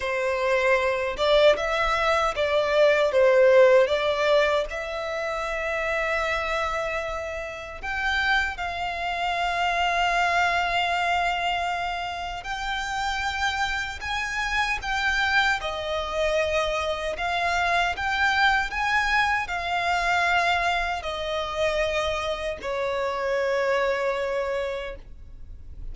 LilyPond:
\new Staff \with { instrumentName = "violin" } { \time 4/4 \tempo 4 = 77 c''4. d''8 e''4 d''4 | c''4 d''4 e''2~ | e''2 g''4 f''4~ | f''1 |
g''2 gis''4 g''4 | dis''2 f''4 g''4 | gis''4 f''2 dis''4~ | dis''4 cis''2. | }